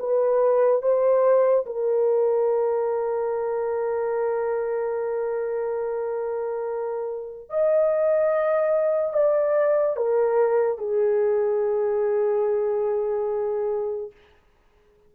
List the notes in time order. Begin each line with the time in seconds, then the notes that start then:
0.00 B4
0.82 C5
1.67 A#4
7.50 D#5
9.14 D5
9.97 A#4
10.78 G#4